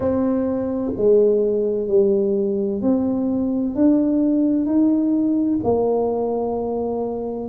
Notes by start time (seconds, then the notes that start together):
0.00 C4
0.96 G#3
1.87 G3
2.81 C4
3.75 D4
4.65 D#4
5.63 A#3